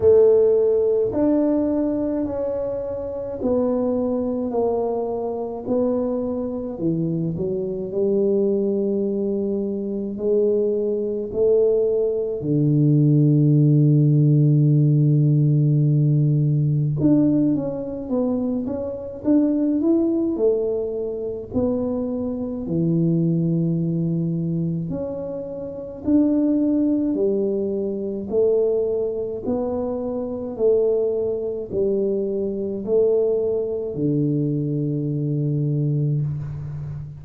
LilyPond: \new Staff \with { instrumentName = "tuba" } { \time 4/4 \tempo 4 = 53 a4 d'4 cis'4 b4 | ais4 b4 e8 fis8 g4~ | g4 gis4 a4 d4~ | d2. d'8 cis'8 |
b8 cis'8 d'8 e'8 a4 b4 | e2 cis'4 d'4 | g4 a4 b4 a4 | g4 a4 d2 | }